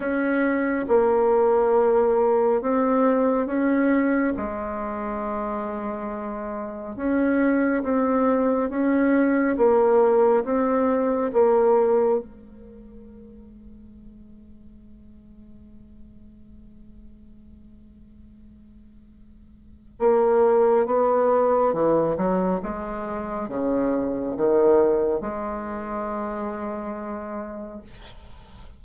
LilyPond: \new Staff \with { instrumentName = "bassoon" } { \time 4/4 \tempo 4 = 69 cis'4 ais2 c'4 | cis'4 gis2. | cis'4 c'4 cis'4 ais4 | c'4 ais4 gis2~ |
gis1~ | gis2. ais4 | b4 e8 fis8 gis4 cis4 | dis4 gis2. | }